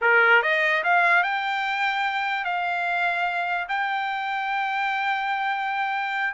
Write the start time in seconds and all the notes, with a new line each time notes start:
0.01 A#4
0.42 D#5
0.83 F5
1.23 G5
2.44 F5
3.68 G5